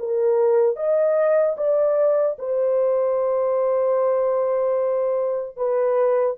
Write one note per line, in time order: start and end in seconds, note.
0.00 0.76 A#4
0.76 1.56 D#5
1.57 2.37 D5
2.39 5.57 C5
5.57 6.37 B4